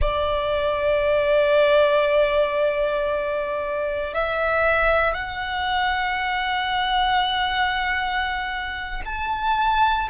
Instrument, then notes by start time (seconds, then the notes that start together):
violin
0.00 D5
4.14 E5
5.13 F#5
9.05 A5